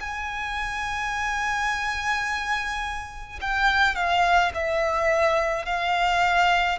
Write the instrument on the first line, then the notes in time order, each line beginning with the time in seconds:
violin
0.00 G#5
3.41 G5
3.95 F5
4.54 E5
5.65 F5